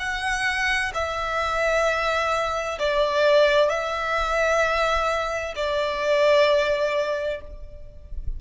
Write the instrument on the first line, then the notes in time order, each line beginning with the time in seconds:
violin
0.00 F#5
0.94 E5
2.79 D5
3.70 E5
5.56 D5